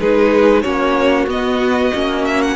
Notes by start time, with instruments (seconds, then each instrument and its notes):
0.00 cello G#3, viola D#4, violin G#4 B4
0.62 cello A#3, viola C#4, violin F#4 C#5
1.27 cello B3, viola B3, violin D#5
1.94 cello A#3, viola C#4
2.26 violin E5
2.42 violin F#5